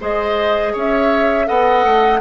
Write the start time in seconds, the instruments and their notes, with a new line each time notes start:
0.00 bassoon G#3, clarinet G#4, oboe C5, flute D#5
0.73 bassoon C#4, oboe C#5
0.79 flute E5
1.47 bassoon B3, clarinet A4, oboe D#5, flute F#5
1.85 bassoon A3